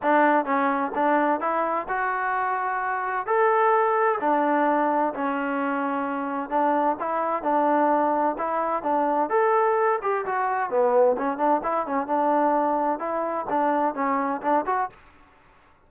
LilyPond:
\new Staff \with { instrumentName = "trombone" } { \time 4/4 \tempo 4 = 129 d'4 cis'4 d'4 e'4 | fis'2. a'4~ | a'4 d'2 cis'4~ | cis'2 d'4 e'4 |
d'2 e'4 d'4 | a'4. g'8 fis'4 b4 | cis'8 d'8 e'8 cis'8 d'2 | e'4 d'4 cis'4 d'8 fis'8 | }